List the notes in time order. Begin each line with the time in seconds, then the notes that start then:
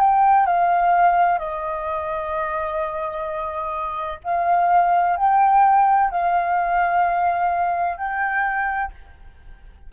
0.00 G5
0.46 F5
1.39 D#5
4.24 F5
5.17 G5
6.11 F5
7.98 G5